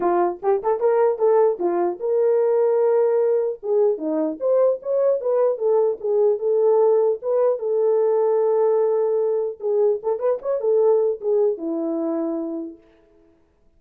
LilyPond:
\new Staff \with { instrumentName = "horn" } { \time 4/4 \tempo 4 = 150 f'4 g'8 a'8 ais'4 a'4 | f'4 ais'2.~ | ais'4 gis'4 dis'4 c''4 | cis''4 b'4 a'4 gis'4 |
a'2 b'4 a'4~ | a'1 | gis'4 a'8 b'8 cis''8 a'4. | gis'4 e'2. | }